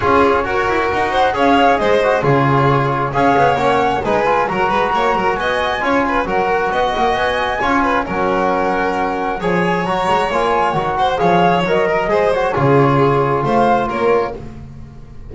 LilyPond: <<
  \new Staff \with { instrumentName = "flute" } { \time 4/4 \tempo 4 = 134 cis''2 fis''4 f''4 | dis''4 cis''2 f''4 | fis''4 gis''4 ais''2 | gis''2 fis''2 |
gis''2 fis''2~ | fis''4 gis''4 ais''4 gis''4 | fis''4 f''4 dis''4. cis''8~ | cis''2 f''4 cis''4 | }
  \new Staff \with { instrumentName = "violin" } { \time 4/4 gis'4 ais'4. c''8 cis''4 | c''4 gis'2 cis''4~ | cis''4 b'4 ais'8 b'8 cis''8 ais'8 | dis''4 cis''8 b'8 ais'4 dis''4~ |
dis''4 cis''8 b'8 ais'2~ | ais'4 cis''2.~ | cis''8 c''8 cis''4. ais'8 c''4 | gis'2 c''4 ais'4 | }
  \new Staff \with { instrumentName = "trombone" } { \time 4/4 f'4 fis'2 gis'4~ | gis'8 fis'8 f'2 gis'4 | cis'4 dis'8 f'8 fis'2~ | fis'4 f'4 fis'2~ |
fis'4 f'4 cis'2~ | cis'4 gis'4 fis'4 f'4 | fis'4 gis'4 ais'4 gis'8 fis'8 | f'1 | }
  \new Staff \with { instrumentName = "double bass" } { \time 4/4 cis'4 fis'8 e'8 dis'4 cis'4 | gis4 cis2 cis'8 b8 | ais4 gis4 fis8 gis8 ais8 fis8 | b4 cis'4 fis4 b8 ais8 |
b4 cis'4 fis2~ | fis4 f4 fis8 gis8 ais4 | dis4 f4 fis4 gis4 | cis2 a4 ais4 | }
>>